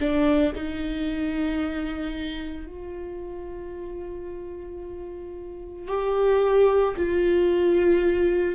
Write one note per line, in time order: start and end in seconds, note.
0.00 0.54 D4
0.56 2.67 D#4
2.67 5.88 F4
5.88 6.95 G4
6.97 8.56 F4